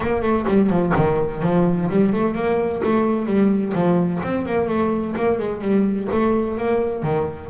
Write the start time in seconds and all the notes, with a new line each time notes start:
0.00 A#3
0.22 A3
0.47 G3
0.69 F3
0.95 D#3
1.42 F3
1.89 G3
2.13 A3
2.34 A#3
2.84 A3
3.26 G3
3.74 F3
4.23 C4
4.45 A#3
4.67 A3
5.16 A#3
5.38 G#3
5.61 G3
6.11 A3
6.57 A#3
7.02 D#3